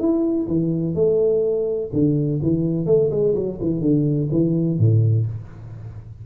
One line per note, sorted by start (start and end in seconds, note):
0.00 0.48 E4
0.48 0.95 E3
0.95 1.90 A3
1.93 2.41 D3
2.43 2.87 E3
2.87 3.10 A3
3.11 3.35 G#3
3.35 3.59 F#3
3.61 3.81 E3
3.81 4.29 D3
4.32 4.79 E3
4.79 5.26 A2